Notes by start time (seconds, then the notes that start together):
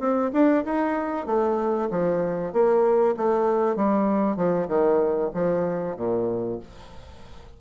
0.00 C4
0.33 D4
0.65 D#4
1.27 A3
1.91 F3
2.53 A#3
3.17 A3
3.76 G3
4.37 F3
4.68 D#3
5.34 F3
5.97 A#2